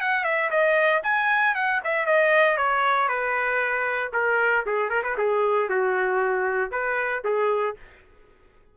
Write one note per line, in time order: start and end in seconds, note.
0.00 0.24 F#5
0.24 0.50 E5
0.50 1.02 D#5
1.03 1.55 G#5
1.55 1.81 F#5
1.84 2.06 E5
2.06 2.57 D#5
2.57 3.08 C#5
3.08 4.11 B4
4.13 4.65 A#4
4.66 4.89 G#4
4.89 5.03 A#4
5.03 5.16 B4
5.17 5.69 G#4
5.69 6.71 F#4
6.71 7.23 B4
7.24 7.76 G#4